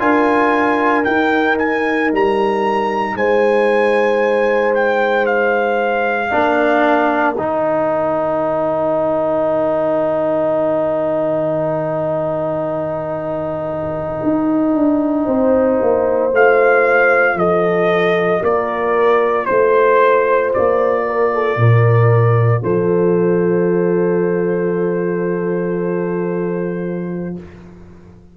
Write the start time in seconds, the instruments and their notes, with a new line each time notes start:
0.00 tuba D4, trombone F4, horn A#4, trumpet G#5
1.05 trombone D#4, tuba D#4, trumpet G5
1.59 trumpet G#5
2.12 tuba G3, trumpet A#5
3.15 tuba G#3, horn C5, trumpet G#5
4.75 trumpet G5
5.27 trumpet F5
6.30 tuba A#3, trombone D4, horn A#4
7.36 tuba D#3, trombone D#4, trumpet G5
14.23 tuba D#4
14.75 tuba D4
15.26 tuba C4, horn C5
15.82 tuba A#3
16.31 tuba A3, trombone F4, trumpet F5
17.35 tuba F3, horn A4, trumpet D#5
18.42 tuba A#3, horn A#4, trumpet D5
19.46 tuba A3, trumpet C5, horn C5
20.54 tuba A#3, trumpet D5
21.07 horn A#4
21.35 horn A4
21.57 tuba A#2, horn A#4
22.63 tuba F3, horn A4, trumpet C5